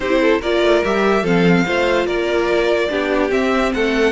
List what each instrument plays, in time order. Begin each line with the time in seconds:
0.00 cello C4, viola E4, violin G4 C5
0.21 violin A4
0.40 cello A#3, viola F4, violin A#4 D5
0.62 cello A3
0.83 cello G3, viola G4, violin E5
1.22 cello F3, viola C4, violin A4 F5
1.66 cello A3, viola F4, violin C5
2.06 cello A#3, violin A#4 D5
2.89 cello B3, viola D4, violin G4
3.29 viola C4, cello C4, violin E5
3.73 cello A3, violin A4 F#5